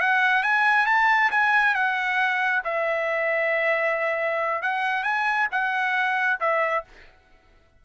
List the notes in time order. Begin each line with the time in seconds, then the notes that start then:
0.00 F#5
0.43 G#5
0.86 A5
1.31 G#5
1.74 F#5
2.64 E5
4.62 F#5
5.03 G#5
5.51 F#5
6.40 E5